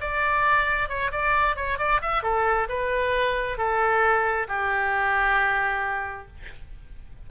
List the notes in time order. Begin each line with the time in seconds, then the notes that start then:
0.00 D5
0.89 C#5
1.11 D5
1.56 C#5
1.78 D5
2.01 E5
2.22 A4
2.68 B4
3.57 A4
4.48 G4